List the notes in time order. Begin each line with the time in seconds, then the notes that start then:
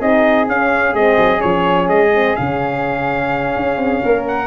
0.00 C4 D#4 G#4 D#5
0.47 C#4 F5
0.93 G#3 C4 D#5
1.18 F#3
1.38 F3 C#4 C#5
1.88 G#3 D#5
2.14 C4
2.36 C#3 C#4 F5
3.56 C#4
3.77 C4
4.04 A#3 A#4
4.28 F#5